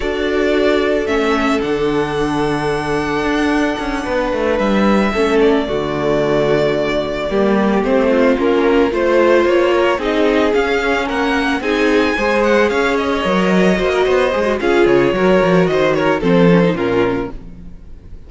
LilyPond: <<
  \new Staff \with { instrumentName = "violin" } { \time 4/4 \tempo 4 = 111 d''2 e''4 fis''4~ | fis''1~ | fis''8 e''4. d''2~ | d''2~ d''8 c''4 ais'8~ |
ais'8 c''4 cis''4 dis''4 f''8~ | f''8 fis''4 gis''4. fis''8 f''8 | dis''2. f''8 cis''8~ | cis''4 dis''8 cis''8 c''4 ais'4 | }
  \new Staff \with { instrumentName = "violin" } { \time 4/4 a'1~ | a'2.~ a'8 b'8~ | b'4. a'4 fis'4.~ | fis'4. g'4. f'4~ |
f'8 c''4. ais'8 gis'4.~ | gis'8 ais'4 gis'4 c''4 cis''8~ | cis''4. c''16 ais'16 c''4 gis'4 | ais'4 c''8 ais'8 a'4 f'4 | }
  \new Staff \with { instrumentName = "viola" } { \time 4/4 fis'2 cis'4 d'4~ | d'1~ | d'4. cis'4 a4.~ | a4. ais4 c'4 cis'8~ |
cis'8 f'2 dis'4 cis'8~ | cis'4. dis'4 gis'4.~ | gis'8 ais'4 fis'4 gis'16 fis'16 f'4 | fis'2 c'8 cis'16 dis'16 cis'4 | }
  \new Staff \with { instrumentName = "cello" } { \time 4/4 d'2 a4 d4~ | d2 d'4 cis'8 b8 | a8 g4 a4 d4.~ | d4. g4 a4 ais8~ |
ais8 a4 ais4 c'4 cis'8~ | cis'8 ais4 c'4 gis4 cis'8~ | cis'8 fis4 ais8 b8 gis8 cis'8 cis8 | fis8 f8 dis4 f4 ais,4 | }
>>